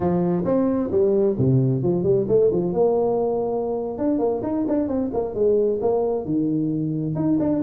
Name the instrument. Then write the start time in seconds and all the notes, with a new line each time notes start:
tuba
0.00 F3
0.44 C4
0.91 G3
1.37 C3
1.83 F3
2.03 G3
2.27 A3
2.52 F3
2.73 A#3
3.98 D4
4.18 A#3
4.42 D#4
4.67 D4
4.88 C4
5.13 A#3
5.34 G#3
5.81 A#3
6.25 D#3
7.15 D#4
7.39 D4